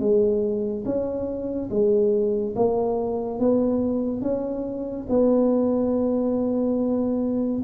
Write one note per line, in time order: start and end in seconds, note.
0.00 0.85 G#3
0.85 1.70 C#4
1.70 2.55 G#3
2.56 3.40 A#3
3.40 4.22 B3
4.22 5.07 C#4
5.09 7.63 B3